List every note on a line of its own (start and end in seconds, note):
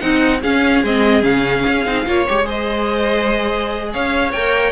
0.00 0.43 C4
0.00 0.42 D#4
0.00 0.41 F#5
0.42 0.85 C#4
0.42 0.84 C#4
0.42 2.06 G#4
0.42 0.85 F5
0.84 1.23 G#3
0.84 1.22 C4
0.84 1.24 D#5
1.22 1.64 C#3
1.22 1.84 C#4
1.22 2.26 F5
1.67 1.86 C#4
1.86 2.06 C4
1.86 2.06 D#4
2.06 2.27 A#3
2.06 2.26 F4
2.06 2.45 C#5
2.28 3.94 G#3
2.28 2.45 G4
2.28 2.48 C#5
2.45 4.30 G#4
2.45 3.89 C5
2.45 3.93 D#5
3.93 4.33 C#4
3.93 4.72 C#5
3.93 4.32 F5
4.32 4.72 A#3
4.32 4.72 A#4
4.32 4.72 G5